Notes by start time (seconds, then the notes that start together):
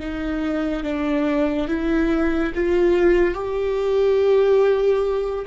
0.00 D#4
0.84 D4
1.68 E4
2.55 F4
3.35 G4